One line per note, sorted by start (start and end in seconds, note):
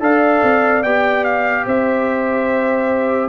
0.00 0.41 D4
0.00 0.82 A4
0.00 1.65 D5
0.00 0.83 F5
0.43 0.84 C4
0.83 1.66 B3
0.83 3.28 G4
0.83 1.24 G5
1.24 1.65 F5
1.65 3.28 C4
1.65 3.28 C5
1.65 3.28 E5